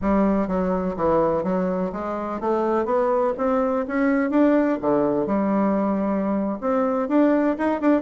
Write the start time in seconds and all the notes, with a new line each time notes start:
0.01 G3
0.47 F#3
0.96 E3
1.43 F#3
1.92 G#3
2.40 A3
2.85 B3
3.37 C4
3.87 C#4
4.30 D4
4.81 D3
5.26 G3
6.60 C4
7.08 D4
7.58 D#4
7.80 D4